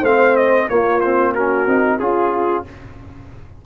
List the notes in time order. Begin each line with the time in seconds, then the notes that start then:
0.00 A3 C4 C5 F5
0.36 D#5
0.69 A#3 F4 C#5
1.00 C4 C5
1.33 C#4 F#4 A#4
1.66 C4 D#4
1.97 C#4 F4 G#4